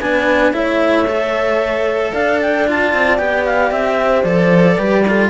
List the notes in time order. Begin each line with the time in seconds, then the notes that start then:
0.00 B3 D4 B4 G#5
0.53 A3 E4 C#5 E5
1.08 A4
2.13 D4 D5 F5
2.42 G5
2.68 F4 A5
2.94 C4
3.18 B3 G4 G5
3.45 F5
3.72 C4 E5
4.01 C5
4.23 F3 A4 D5
4.77 G3 G4 B4
5.08 F4 A4